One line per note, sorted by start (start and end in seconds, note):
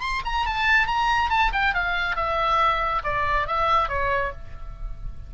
0.00 0.22 C6
0.25 0.46 A#5
0.46 0.87 A5
0.87 1.29 A#5
1.29 1.51 A5
1.53 1.74 G5
1.74 2.16 F5
2.16 3.02 E5
3.04 3.47 D5
3.47 3.88 E5
3.88 4.32 C#5